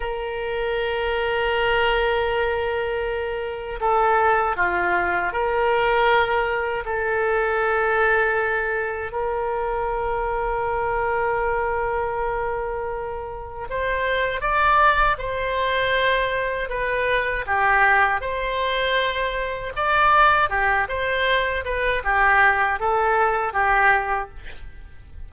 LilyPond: \new Staff \with { instrumentName = "oboe" } { \time 4/4 \tempo 4 = 79 ais'1~ | ais'4 a'4 f'4 ais'4~ | ais'4 a'2. | ais'1~ |
ais'2 c''4 d''4 | c''2 b'4 g'4 | c''2 d''4 g'8 c''8~ | c''8 b'8 g'4 a'4 g'4 | }